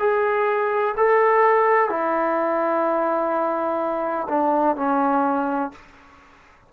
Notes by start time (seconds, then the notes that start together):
0.00 G#4
0.97 A4
1.90 E4
4.29 D4
4.77 C#4